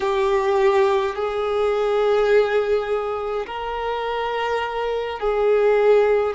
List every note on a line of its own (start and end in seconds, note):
0.00 1.15 G4
1.15 3.46 G#4
3.46 5.19 A#4
5.19 6.34 G#4